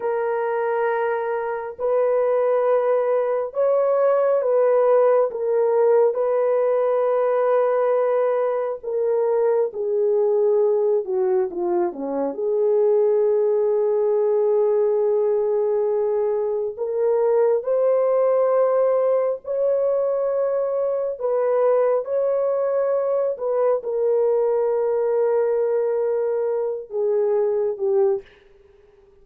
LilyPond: \new Staff \with { instrumentName = "horn" } { \time 4/4 \tempo 4 = 68 ais'2 b'2 | cis''4 b'4 ais'4 b'4~ | b'2 ais'4 gis'4~ | gis'8 fis'8 f'8 cis'8 gis'2~ |
gis'2. ais'4 | c''2 cis''2 | b'4 cis''4. b'8 ais'4~ | ais'2~ ais'8 gis'4 g'8 | }